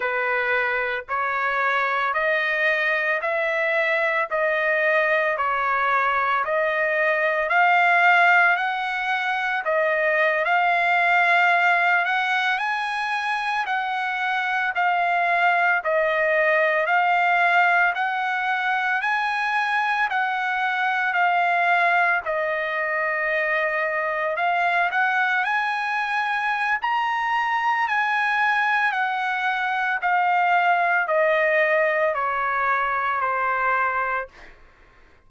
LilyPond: \new Staff \with { instrumentName = "trumpet" } { \time 4/4 \tempo 4 = 56 b'4 cis''4 dis''4 e''4 | dis''4 cis''4 dis''4 f''4 | fis''4 dis''8. f''4. fis''8 gis''16~ | gis''8. fis''4 f''4 dis''4 f''16~ |
f''8. fis''4 gis''4 fis''4 f''16~ | f''8. dis''2 f''8 fis''8 gis''16~ | gis''4 ais''4 gis''4 fis''4 | f''4 dis''4 cis''4 c''4 | }